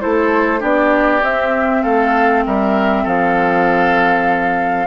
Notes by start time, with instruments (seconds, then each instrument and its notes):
0.00 bassoon A3, clarinet E4, oboe A4, flute C5
0.59 bassoon B3, clarinet D4, oboe G4, flute D5
1.22 bassoon C4, clarinet C4, flute E5
1.83 bassoon A3, oboe A4, flute F5
2.46 bassoon G3, oboe A#4, flute E5
3.03 bassoon F3, oboe A4, flute F5